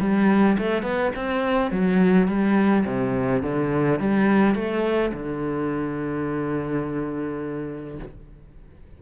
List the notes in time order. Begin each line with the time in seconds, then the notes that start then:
0.00 G3
0.58 A3
0.83 B3
1.16 C4
1.71 F#3
2.28 G3
2.85 C3
3.42 D3
4.00 G3
4.55 A3
5.13 D3